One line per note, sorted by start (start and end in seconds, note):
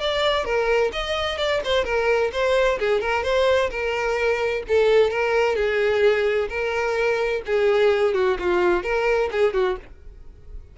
0.00 0.45 D5
0.45 0.91 A#4
0.92 1.37 D#5
1.37 1.61 D5
1.64 1.84 C5
1.84 2.31 A#4
2.32 2.79 C5
2.79 3.01 G#4
3.01 3.23 A#4
3.23 3.70 C5
3.70 4.63 A#4
4.68 5.10 A4
5.10 5.56 A#4
5.56 6.49 G#4
6.49 7.42 A#4
7.46 8.14 G#4
8.14 8.37 F#4
8.39 8.83 F4
8.83 9.30 A#4
9.32 9.53 G#4
9.53 9.77 F#4